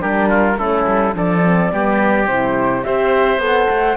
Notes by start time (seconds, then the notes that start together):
0.00 G3 D4 G4 A#4
0.29 F4
0.57 A3 C#4 E4 A4
0.88 G3
1.14 F3 D4 A4 D5
1.44 C4
1.72 G3 B3 G4
2.27 C3 E4 C5
2.84 C4 G4 C5 E5
3.38 B3 A4
3.46 F#5
3.70 A3